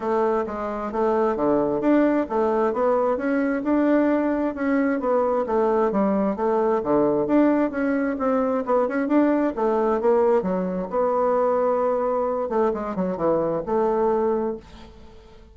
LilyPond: \new Staff \with { instrumentName = "bassoon" } { \time 4/4 \tempo 4 = 132 a4 gis4 a4 d4 | d'4 a4 b4 cis'4 | d'2 cis'4 b4 | a4 g4 a4 d4 |
d'4 cis'4 c'4 b8 cis'8 | d'4 a4 ais4 fis4 | b2.~ b8 a8 | gis8 fis8 e4 a2 | }